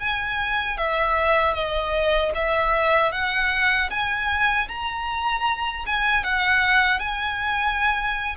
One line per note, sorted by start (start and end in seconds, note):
0.00 0.78 G#5
0.78 1.54 E5
1.54 2.32 D#5
2.35 3.12 E5
3.12 3.90 F#5
3.90 4.68 G#5
4.69 5.85 A#5
5.87 6.24 G#5
6.24 7.00 F#5
7.00 8.36 G#5